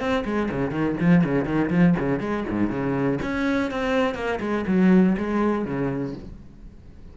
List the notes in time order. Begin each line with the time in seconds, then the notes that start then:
0.00 C4
0.25 G#3
0.51 C#3
0.71 D#3
1.00 F3
1.25 C#3
1.46 D#3
1.71 F3
1.99 C#3
2.20 G#3
2.50 G#2
2.70 C#3
3.22 C#4
3.71 C4
4.15 A#3
4.41 G#3
4.67 F#3
5.18 G#3
5.65 C#3